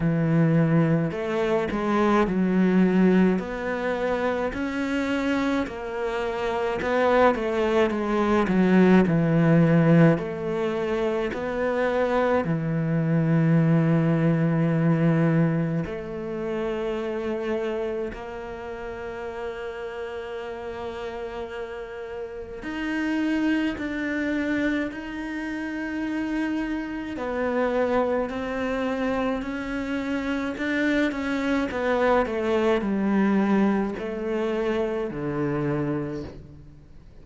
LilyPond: \new Staff \with { instrumentName = "cello" } { \time 4/4 \tempo 4 = 53 e4 a8 gis8 fis4 b4 | cis'4 ais4 b8 a8 gis8 fis8 | e4 a4 b4 e4~ | e2 a2 |
ais1 | dis'4 d'4 dis'2 | b4 c'4 cis'4 d'8 cis'8 | b8 a8 g4 a4 d4 | }